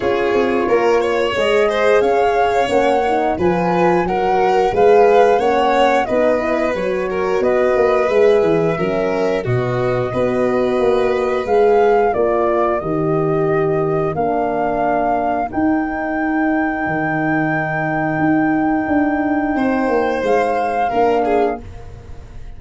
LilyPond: <<
  \new Staff \with { instrumentName = "flute" } { \time 4/4 \tempo 4 = 89 cis''2 dis''4 f''4 | fis''4 gis''4 fis''4 f''4 | fis''4 dis''4 cis''4 dis''4 | e''2 dis''2~ |
dis''4 f''4 d''4 dis''4~ | dis''4 f''2 g''4~ | g''1~ | g''2 f''2 | }
  \new Staff \with { instrumentName = "violin" } { \time 4/4 gis'4 ais'8 cis''4 c''8 cis''4~ | cis''4 b'4 ais'4 b'4 | cis''4 b'4. ais'8 b'4~ | b'4 ais'4 fis'4 b'4~ |
b'2 ais'2~ | ais'1~ | ais'1~ | ais'4 c''2 ais'8 gis'8 | }
  \new Staff \with { instrumentName = "horn" } { \time 4/4 f'2 gis'2 | cis'8 dis'8 f'4 fis'4 gis'4 | cis'4 dis'8 e'8 fis'2 | gis'4 cis'4 b4 fis'4~ |
fis'4 gis'4 f'4 g'4~ | g'4 d'2 dis'4~ | dis'1~ | dis'2. d'4 | }
  \new Staff \with { instrumentName = "tuba" } { \time 4/4 cis'8 c'8 ais4 gis4 cis'4 | ais4 f4 fis4 gis4 | ais4 b4 fis4 b8 ais8 | gis8 e8 fis4 b,4 b4 |
ais4 gis4 ais4 dis4~ | dis4 ais2 dis'4~ | dis'4 dis2 dis'4 | d'4 c'8 ais8 gis4 ais4 | }
>>